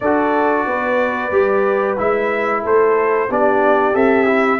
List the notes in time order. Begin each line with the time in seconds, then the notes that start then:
0.00 D4 F#4 A4 D5
0.66 B3 B4
1.31 G3 G4
1.97 G#3 E4 E5
2.62 A3 A4 C5
3.29 B3 D4 G4 D5
3.93 C4 A4 E5
4.26 E4